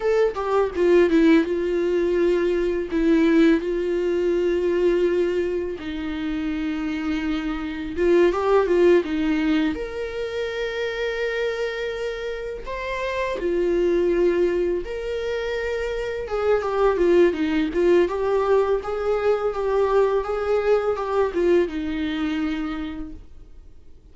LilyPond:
\new Staff \with { instrumentName = "viola" } { \time 4/4 \tempo 4 = 83 a'8 g'8 f'8 e'8 f'2 | e'4 f'2. | dis'2. f'8 g'8 | f'8 dis'4 ais'2~ ais'8~ |
ais'4. c''4 f'4.~ | f'8 ais'2 gis'8 g'8 f'8 | dis'8 f'8 g'4 gis'4 g'4 | gis'4 g'8 f'8 dis'2 | }